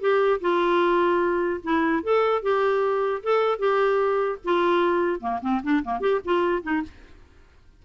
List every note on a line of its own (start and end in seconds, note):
0.00 0.40 G4
0.41 1.61 F4
1.63 2.03 E4
2.03 2.42 A4
2.42 3.22 G4
3.23 3.58 A4
3.58 4.38 G4
4.44 5.20 F4
5.20 5.40 A#3
5.41 5.61 C4
5.63 5.83 D4
5.84 6.00 A#3
6.00 6.20 G4
6.24 6.62 F4
6.62 6.82 D#4